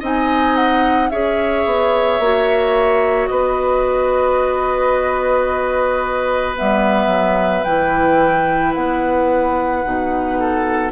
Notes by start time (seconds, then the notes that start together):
0.00 C4 D#4 D#5 G#5
0.56 F#5
1.10 C#4 G#4 C#5 E5
1.66 B3
2.19 A#3 F#4
3.27 B3 B4 D#5
6.56 G3 B3 E5
7.07 F#3
7.64 E3 E4 G5
8.74 B3 F#5
9.84 B2 D#4
10.40 A4